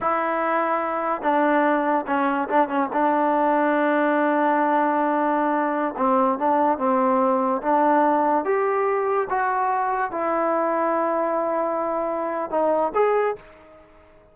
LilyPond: \new Staff \with { instrumentName = "trombone" } { \time 4/4 \tempo 4 = 144 e'2. d'4~ | d'4 cis'4 d'8 cis'8 d'4~ | d'1~ | d'2~ d'16 c'4 d'8.~ |
d'16 c'2 d'4.~ d'16~ | d'16 g'2 fis'4.~ fis'16~ | fis'16 e'2.~ e'8.~ | e'2 dis'4 gis'4 | }